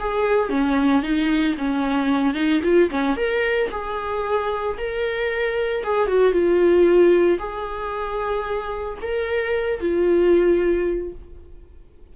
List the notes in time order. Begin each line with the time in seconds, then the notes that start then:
0.00 G#4
0.49 C#4
1.03 D#4
1.58 C#4
2.34 D#4
2.63 F4
2.90 C#4
3.17 A#4
3.71 G#4
4.78 A#4
5.84 G#4
6.08 F#4
6.32 F4
7.39 G#4
9.02 A#4
9.80 F4